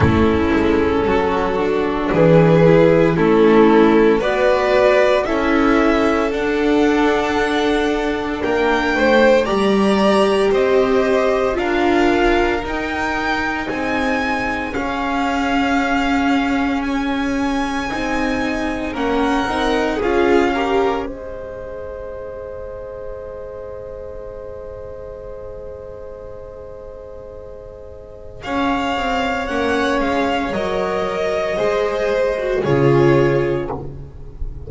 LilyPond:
<<
  \new Staff \with { instrumentName = "violin" } { \time 4/4 \tempo 4 = 57 a'2 b'4 a'4 | d''4 e''4 fis''2 | g''4 ais''4 dis''4 f''4 | g''4 gis''4 f''2 |
gis''2 fis''4 f''4 | dis''1~ | dis''2. f''4 | fis''8 f''8 dis''2 cis''4 | }
  \new Staff \with { instrumentName = "violin" } { \time 4/4 e'4 fis'4 gis'4 e'4 | b'4 a'2. | ais'8 c''8 d''4 c''4 ais'4~ | ais'4 gis'2.~ |
gis'2 ais'4 gis'8 ais'8 | c''1~ | c''2. cis''4~ | cis''2 c''4 gis'4 | }
  \new Staff \with { instrumentName = "viola" } { \time 4/4 cis'4. d'4 e'8 cis'4 | fis'4 e'4 d'2~ | d'4 g'2 f'4 | dis'2 cis'2~ |
cis'4 dis'4 cis'8 dis'8 f'8 g'8 | gis'1~ | gis'1 | cis'4 ais'4 gis'8. fis'16 f'4 | }
  \new Staff \with { instrumentName = "double bass" } { \time 4/4 a8 gis8 fis4 e4 a4 | b4 cis'4 d'2 | ais8 a8 g4 c'4 d'4 | dis'4 c'4 cis'2~ |
cis'4 c'4 ais8 c'8 cis'4 | gis1~ | gis2. cis'8 c'8 | ais8 gis8 fis4 gis4 cis4 | }
>>